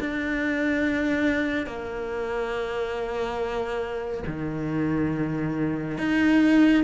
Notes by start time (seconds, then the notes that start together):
0.00 D4
1.66 A#3
4.27 D#3
5.98 D#4